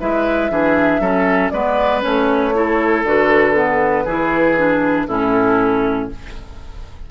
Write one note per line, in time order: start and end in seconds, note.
0.00 0.50 G#3
0.00 0.51 E4
0.00 0.51 B4
0.00 1.50 E5
0.50 1.00 E3
0.50 1.02 D4
0.50 1.01 G#4
1.00 1.50 F#3
1.00 1.53 C#4
1.00 1.52 A4
1.50 2.03 G#3
1.50 2.01 B3
1.50 2.55 B4
1.50 2.01 D5
2.01 3.04 A3
2.01 2.52 C#4
2.01 3.04 C#5
2.54 3.05 E4
2.54 4.05 A4
3.04 4.05 D3
3.04 3.55 F#4
3.04 5.07 B4
3.55 4.06 B3
4.05 5.07 E3
4.05 4.58 E4
4.05 5.07 G#4
4.58 5.08 D4
5.07 6.10 A2
5.07 6.11 C#4
5.07 6.09 E4
5.07 6.09 A4